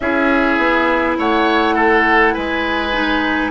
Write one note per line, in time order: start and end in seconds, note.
0.00 0.57 C#4
0.00 2.93 E4
0.00 1.18 G#4
0.00 1.16 E5
0.57 1.16 B3
1.18 2.36 A3
1.18 1.75 C#5
1.18 2.34 F#5
1.75 2.33 A4
2.33 3.51 G#3
2.33 3.51 B4
2.33 3.51 G#5
2.93 3.51 D#4